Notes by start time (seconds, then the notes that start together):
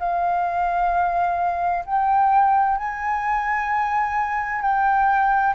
0.00 F5
1.86 G5
2.78 G#5
4.62 G5